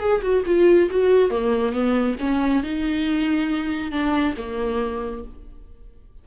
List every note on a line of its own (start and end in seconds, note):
0.00 0.22 G#4
0.22 0.44 F#4
0.46 0.90 F4
0.91 1.30 F#4
1.30 1.73 A#3
1.73 2.16 B3
2.20 2.63 C#4
2.63 3.92 D#4
3.92 4.35 D4
4.37 5.24 A#3